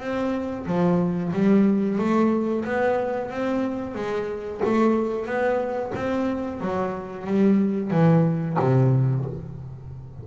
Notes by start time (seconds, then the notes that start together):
0.00 C4
0.66 F3
1.33 G3
1.99 A3
2.65 B3
3.31 C4
3.95 G#3
4.65 A3
5.26 B3
5.95 C4
6.61 F#3
7.27 G3
7.91 E3
8.60 C3